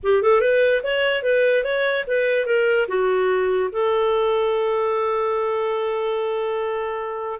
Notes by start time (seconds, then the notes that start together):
0.03 G4
0.22 A4
0.40 B4
0.83 C#5
1.22 B4
1.64 C#5
2.07 B4
2.46 A#4
2.87 F#4
3.72 A4